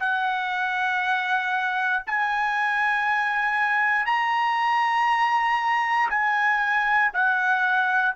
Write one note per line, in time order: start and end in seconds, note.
0.00 2.03 F#5
2.07 4.06 G#5
4.06 6.10 A#5
6.10 7.12 G#5
7.14 8.15 F#5